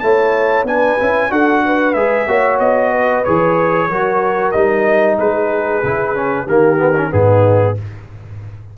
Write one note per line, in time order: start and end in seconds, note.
0.00 0.64 A3
0.00 0.67 E4
0.00 0.66 C#5
0.00 0.65 A5
0.64 0.96 B3
0.64 0.99 D4
0.64 1.31 B4
0.64 1.32 G#5
0.99 1.31 C#4
0.99 1.30 E4
1.30 1.95 D4
1.30 1.95 F#4
1.30 1.65 A4
1.30 1.94 F#5
1.65 2.28 B4
1.94 2.27 G#3
1.94 2.28 G#4
1.94 2.58 E5
2.28 2.60 A#3
2.28 3.25 F#4
2.28 2.91 C#5
2.60 3.24 B3
2.60 3.24 D#5
2.91 3.88 B4
3.24 3.89 E3
3.24 3.90 G#4
3.24 4.51 C#5
3.89 4.53 F#3
3.89 4.54 F#4
3.89 5.18 A#4
4.51 5.18 G3
4.51 5.83 D#4
4.51 5.16 D#5
5.19 5.84 G#3
5.19 6.45 G#4
5.19 6.49 B4
5.84 6.47 C#3
5.84 6.15 E4
6.15 6.47 C#4
6.45 7.11 D#3
6.45 6.77 A#3
6.45 7.10 G4
6.45 7.13 A#4
6.77 6.93 B3
6.97 7.11 C#4
7.11 7.77 G#2
7.11 7.75 B3
7.11 7.77 D#4
7.11 7.77 G#4